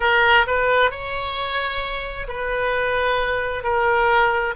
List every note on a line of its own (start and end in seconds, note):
0.00 0.45 A#4
0.47 0.90 B4
0.90 2.27 C#5
2.27 3.63 B4
3.63 4.54 A#4